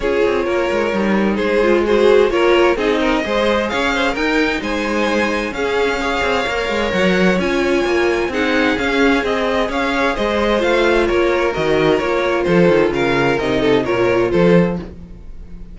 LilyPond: <<
  \new Staff \with { instrumentName = "violin" } { \time 4/4 \tempo 4 = 130 cis''2. c''4 | gis'4 cis''4 dis''2 | f''4 g''4 gis''2 | f''2. fis''4 |
gis''2 fis''4 f''4 | dis''4 f''4 dis''4 f''4 | cis''4 dis''4 cis''4 c''4 | f''4 dis''4 cis''4 c''4 | }
  \new Staff \with { instrumentName = "violin" } { \time 4/4 gis'4 ais'2 gis'4 | c''4 ais'4 gis'8 ais'8 c''4 | cis''8 c''8 ais'4 c''2 | gis'4 cis''2.~ |
cis''2 gis'2~ | gis'4 cis''4 c''2 | ais'2. a'4 | ais'4. a'8 ais'4 a'4 | }
  \new Staff \with { instrumentName = "viola" } { \time 4/4 f'2 dis'4. f'8 | fis'4 f'4 dis'4 gis'4~ | gis'4 dis'2. | cis'4 gis'4 ais'2 |
f'2 dis'4 cis'4 | gis'2. f'4~ | f'4 fis'4 f'2~ | f'4 dis'4 f'2 | }
  \new Staff \with { instrumentName = "cello" } { \time 4/4 cis'8 c'8 ais8 gis8 g4 gis4~ | gis4 ais4 c'4 gis4 | cis'4 dis'4 gis2 | cis'4. c'8 ais8 gis8 fis4 |
cis'4 ais4 c'4 cis'4 | c'4 cis'4 gis4 a4 | ais4 dis4 ais4 f8 dis8 | cis4 c4 ais,4 f4 | }
>>